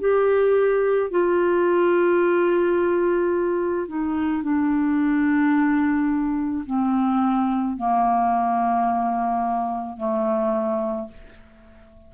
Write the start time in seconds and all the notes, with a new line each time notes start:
0.00 G4
1.11 F4
3.88 D#4
4.42 D4
6.66 C4
7.77 A#3
9.97 A3